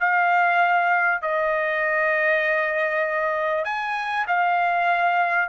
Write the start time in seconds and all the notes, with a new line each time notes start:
0.00 F5
1.22 D#5
3.65 G#5
4.27 F5